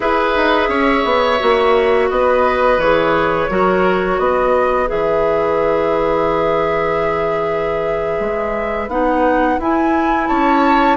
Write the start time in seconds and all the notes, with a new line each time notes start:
0.00 E4 G#4 B4 E5
0.36 D#4
0.68 C#4 C#5
1.04 B3
1.39 A#3 F#4
2.09 B3 B4 D#5
2.77 E3 G#4 C#5
3.49 F#3 F#4 A#4
4.18 B3 B4 D#5
4.86 E3 G#4 E5
8.19 G#3
8.87 B3 D#4 F#5
9.58 E4 G#5
10.27 C#4 C#5 A5